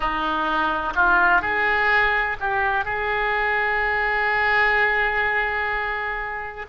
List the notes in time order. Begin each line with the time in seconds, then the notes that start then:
0.00 D#4
0.95 F4
1.41 G#4
2.40 G4
2.84 G#4